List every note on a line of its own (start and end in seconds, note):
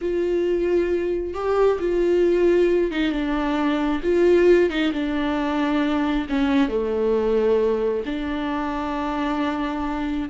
0.01 1.34 F4
1.34 1.78 G4
1.79 2.91 F4
2.91 3.11 D#4
3.11 4.01 D4
4.03 4.69 F4
4.69 4.92 D#4
4.92 6.26 D4
6.29 6.68 C#4
6.68 8.03 A3
8.05 10.29 D4